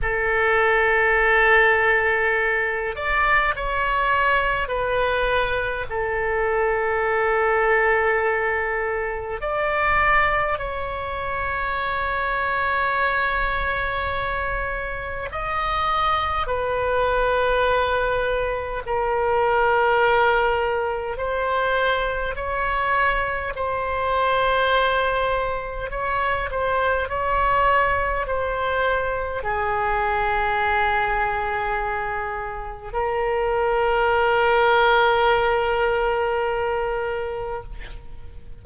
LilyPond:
\new Staff \with { instrumentName = "oboe" } { \time 4/4 \tempo 4 = 51 a'2~ a'8 d''8 cis''4 | b'4 a'2. | d''4 cis''2.~ | cis''4 dis''4 b'2 |
ais'2 c''4 cis''4 | c''2 cis''8 c''8 cis''4 | c''4 gis'2. | ais'1 | }